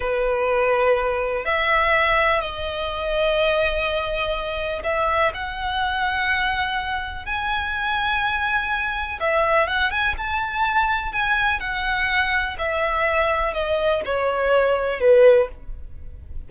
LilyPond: \new Staff \with { instrumentName = "violin" } { \time 4/4 \tempo 4 = 124 b'2. e''4~ | e''4 dis''2.~ | dis''2 e''4 fis''4~ | fis''2. gis''4~ |
gis''2. e''4 | fis''8 gis''8 a''2 gis''4 | fis''2 e''2 | dis''4 cis''2 b'4 | }